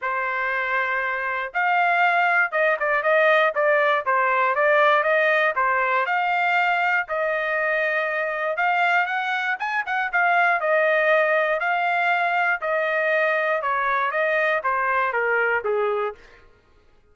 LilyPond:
\new Staff \with { instrumentName = "trumpet" } { \time 4/4 \tempo 4 = 119 c''2. f''4~ | f''4 dis''8 d''8 dis''4 d''4 | c''4 d''4 dis''4 c''4 | f''2 dis''2~ |
dis''4 f''4 fis''4 gis''8 fis''8 | f''4 dis''2 f''4~ | f''4 dis''2 cis''4 | dis''4 c''4 ais'4 gis'4 | }